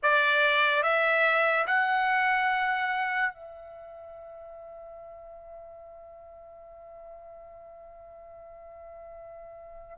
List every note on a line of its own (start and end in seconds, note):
0.02 0.83 D5
0.83 1.66 E5
1.67 3.33 F#5
3.33 9.98 E5